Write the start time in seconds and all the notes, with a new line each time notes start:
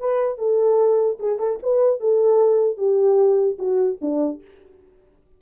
0.00 B4
0.39 A4
1.20 G#4
1.39 A4
1.63 B4
2.01 A4
2.78 G4
3.59 F#4
4.02 D4